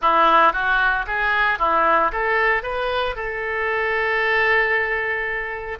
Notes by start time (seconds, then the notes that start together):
0.01 E4
0.53 F#4
1.06 G#4
1.58 E4
2.11 A4
2.62 B4
3.15 A4